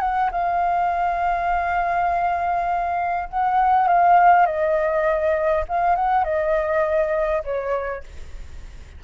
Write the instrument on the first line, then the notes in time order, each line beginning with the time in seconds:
flute
0.00 F#5
0.32 F5
3.29 F#5
3.87 F5
4.46 D#5
5.68 F5
5.95 F#5
6.24 D#5
7.44 C#5